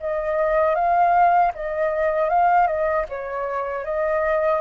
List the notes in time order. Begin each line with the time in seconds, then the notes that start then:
0.00 D#5
0.75 F5
1.55 D#5
2.29 F5
2.67 D#5
3.09 C#5
3.84 D#5